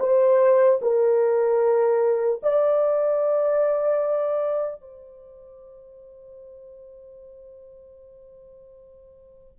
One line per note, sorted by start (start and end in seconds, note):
0.00 0.80 C5
0.82 2.42 A#4
2.43 4.81 D5
4.81 9.59 C5